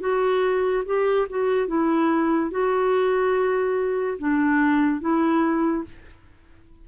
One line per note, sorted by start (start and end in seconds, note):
0.00 0.83 F#4
0.85 1.27 G4
1.29 1.67 F#4
1.67 2.51 E4
2.51 4.17 F#4
4.18 5.01 D4
5.01 5.84 E4